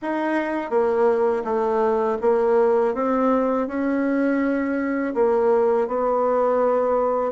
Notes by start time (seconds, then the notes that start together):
0.02 D#4
0.70 A#3
1.44 A3
2.21 A#3
2.94 C4
3.68 C#4
5.14 A#3
5.87 B3